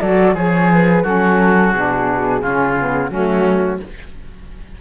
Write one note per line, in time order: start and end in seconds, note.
0.00 0.34 F#3
0.00 0.36 F#4
0.00 0.34 A4
0.00 0.34 D5
0.34 1.03 F3
0.34 1.02 G#4
0.34 1.04 G#4
0.34 0.70 C#5
0.73 1.04 B4
1.02 1.73 F#3
1.02 1.73 C#4
1.02 2.40 F#4
1.02 1.72 A4
1.72 2.41 B2
1.72 2.40 D4
1.72 3.10 G#4
2.40 3.10 C#3
2.40 2.75 C#4
2.40 3.10 F4
2.78 3.11 B3
3.10 3.79 F#3
3.10 3.80 A3
3.10 3.80 C#4
3.10 3.80 F#4